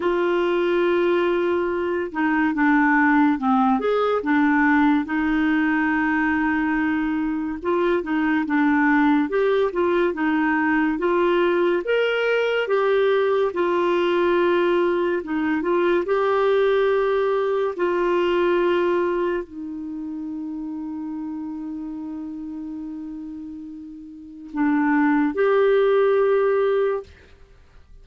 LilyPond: \new Staff \with { instrumentName = "clarinet" } { \time 4/4 \tempo 4 = 71 f'2~ f'8 dis'8 d'4 | c'8 gis'8 d'4 dis'2~ | dis'4 f'8 dis'8 d'4 g'8 f'8 | dis'4 f'4 ais'4 g'4 |
f'2 dis'8 f'8 g'4~ | g'4 f'2 dis'4~ | dis'1~ | dis'4 d'4 g'2 | }